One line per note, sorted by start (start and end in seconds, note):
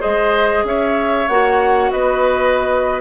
0.00 0.64 G#3
0.00 1.26 G#4
0.00 0.63 C5
0.00 0.65 D#5
0.64 1.27 C#4
0.64 1.92 C#5
0.64 1.28 E5
1.28 1.92 A#3
1.28 3.01 F#4
1.28 1.91 F#5
1.91 3.01 B3
1.91 3.01 B4
1.91 3.01 D#5